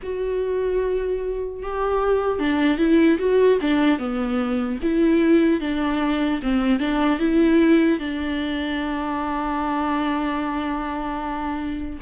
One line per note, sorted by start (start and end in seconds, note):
0.03 1.62 F#4
1.62 2.39 G4
2.39 2.77 D4
2.77 3.17 E4
3.19 3.59 F#4
3.61 3.98 D4
3.98 4.78 B3
4.82 5.60 E4
5.60 6.40 D4
6.42 6.79 C4
6.79 7.19 D4
7.19 7.99 E4
7.99 11.99 D4